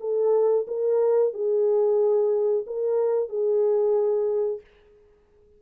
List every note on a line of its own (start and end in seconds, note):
0.00 0.66 A4
0.67 1.33 A#4
1.33 2.65 G#4
2.66 3.28 A#4
3.28 4.60 G#4